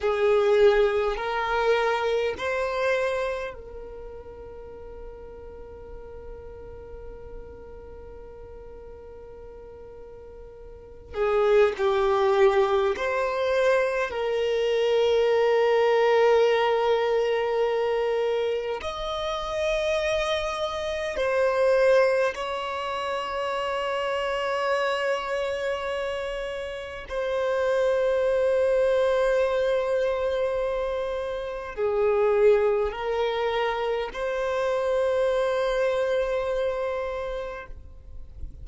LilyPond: \new Staff \with { instrumentName = "violin" } { \time 4/4 \tempo 4 = 51 gis'4 ais'4 c''4 ais'4~ | ais'1~ | ais'4. gis'8 g'4 c''4 | ais'1 |
dis''2 c''4 cis''4~ | cis''2. c''4~ | c''2. gis'4 | ais'4 c''2. | }